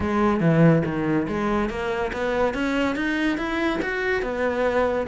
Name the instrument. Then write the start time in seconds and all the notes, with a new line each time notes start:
cello
0.00 G#3
0.40 E3
0.85 D#3
1.28 G#3
1.69 A#3
2.12 B3
2.54 C#4
2.95 D#4
3.37 E4
3.81 F#4
4.22 B3